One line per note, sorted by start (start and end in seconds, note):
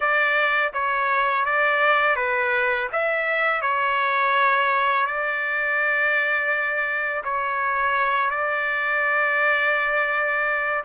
0.00 0.72 D5
0.73 1.45 C#5
1.45 2.16 D5
2.16 2.88 B4
2.92 3.61 E5
3.61 5.06 C#5
5.06 7.23 D5
7.24 8.30 C#5
8.30 10.83 D5